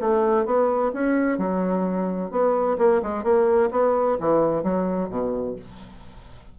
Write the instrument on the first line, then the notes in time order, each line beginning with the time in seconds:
bassoon
0.00 A3
0.45 B3
0.93 C#4
1.38 F#3
2.31 B3
2.78 A#3
3.02 G#3
3.23 A#3
3.71 B3
4.20 E3
4.63 F#3
5.09 B2